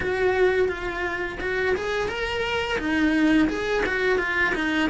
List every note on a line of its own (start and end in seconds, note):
0.00 0.68 F#4
0.68 1.38 F4
1.40 1.75 F#4
1.75 2.08 G#4
2.08 2.78 A#4
2.78 3.48 D#4
3.48 3.83 G#4
3.86 4.18 F#4
4.18 4.53 F4
4.54 4.89 D#4